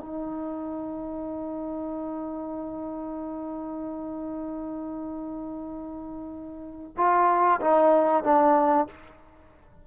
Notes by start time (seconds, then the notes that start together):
0.00 D#4
6.97 F4
7.61 D#4
8.24 D4